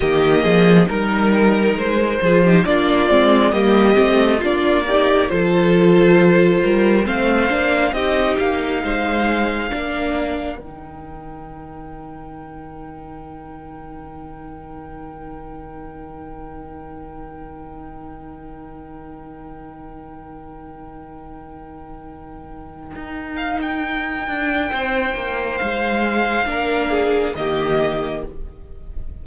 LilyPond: <<
  \new Staff \with { instrumentName = "violin" } { \time 4/4 \tempo 4 = 68 dis''4 ais'4 c''4 d''4 | dis''4 d''4 c''2 | f''4 dis''8 f''2~ f''8 | g''1~ |
g''1~ | g''1~ | g''2~ g''8 f''16 g''4~ g''16~ | g''4 f''2 dis''4 | }
  \new Staff \with { instrumentName = "violin" } { \time 4/4 g'8 gis'8 ais'4. gis'16 g'16 f'4 | g'4 f'8 g'8 a'4. ais'8 | c''4 g'4 c''4 ais'4~ | ais'1~ |
ais'1~ | ais'1~ | ais'1 | c''2 ais'8 gis'8 g'4 | }
  \new Staff \with { instrumentName = "viola" } { \time 4/4 ais4 dis'4. f'16 dis'16 d'8 c'8 | ais8 c'8 d'8 dis'8 f'2 | c'8 d'8 dis'2 d'4 | dis'1~ |
dis'1~ | dis'1~ | dis'1~ | dis'2 d'4 ais4 | }
  \new Staff \with { instrumentName = "cello" } { \time 4/4 dis8 f8 g4 gis8 f8 ais8 gis8 | g8 a8 ais4 f4. g8 | a8 ais8 c'8 ais8 gis4 ais4 | dis1~ |
dis1~ | dis1~ | dis2 dis'4. d'8 | c'8 ais8 gis4 ais4 dis4 | }
>>